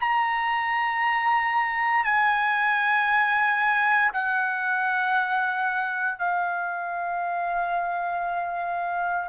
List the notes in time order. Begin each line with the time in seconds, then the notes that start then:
0.00 A#5
2.04 G#5
4.12 F#5
6.18 F5